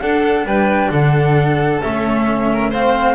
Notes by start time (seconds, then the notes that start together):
0.00 D4 A4 F#5
0.44 G3 B4 G5
0.90 D3 A4 F#5
1.81 A3 C#4 E5
2.53 A#4
2.70 C4 C5 F5